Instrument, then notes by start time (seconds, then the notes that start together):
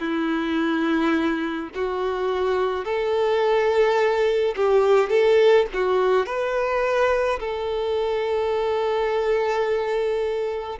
violin
0.00 E4
1.75 F#4
2.85 A4
4.56 G4
5.09 A4
5.74 F#4
6.26 B4
7.39 A4